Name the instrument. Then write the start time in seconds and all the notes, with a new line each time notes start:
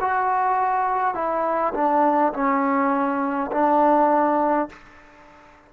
trombone
0.00 F#4
1.14 E4
1.74 D4
2.33 C#4
3.51 D4